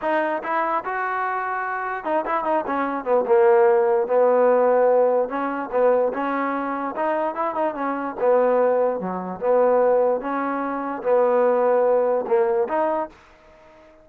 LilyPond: \new Staff \with { instrumentName = "trombone" } { \time 4/4 \tempo 4 = 147 dis'4 e'4 fis'2~ | fis'4 dis'8 e'8 dis'8 cis'4 b8 | ais2 b2~ | b4 cis'4 b4 cis'4~ |
cis'4 dis'4 e'8 dis'8 cis'4 | b2 fis4 b4~ | b4 cis'2 b4~ | b2 ais4 dis'4 | }